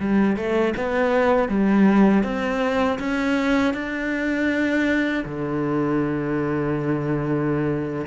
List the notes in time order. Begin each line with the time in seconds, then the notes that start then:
0.00 G3
0.36 A3
0.77 B3
1.49 G3
2.24 C4
2.99 C#4
3.74 D4
5.25 D3